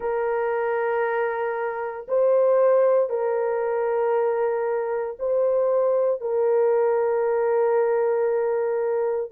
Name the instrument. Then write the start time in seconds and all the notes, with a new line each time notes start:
horn
0.00 A#4
2.07 C5
3.09 A#4
5.19 C5
6.20 A#4